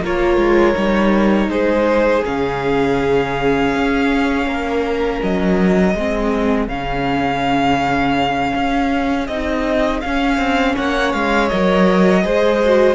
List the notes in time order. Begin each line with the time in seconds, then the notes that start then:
0.00 A#3 F4 A#4 C#5
0.37 G#3
0.75 G3 D#4
1.47 G#3 G#4 C5
2.24 C#3 C#4 F5
3.75 C#4
4.46 A#3 A#4
5.23 F#3 D#5
5.94 G#3 C4 G#4
6.67 C#3 C#4 F5
8.55 C#4
9.27 C4 D#4 D#5
10.01 C#4 F5
10.37 C4
10.75 A#3 C#5 F#5
11.12 G#3 F5
11.48 F#3 A#4 D#5
12.23 G#3 G#4 C5
12.64 F#4